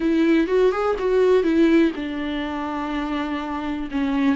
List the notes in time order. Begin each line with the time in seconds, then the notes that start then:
0.00 E4
0.47 F#4
0.71 G#4
0.99 F#4
1.43 E4
1.95 D4
3.91 C#4